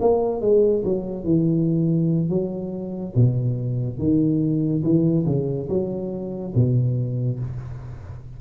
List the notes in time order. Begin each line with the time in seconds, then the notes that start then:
0.00 A#3
0.41 G#3
0.85 F#3
1.24 E3
2.29 F#3
3.15 B2
3.98 D#3
4.83 E3
5.26 C#3
5.69 F#3
6.55 B2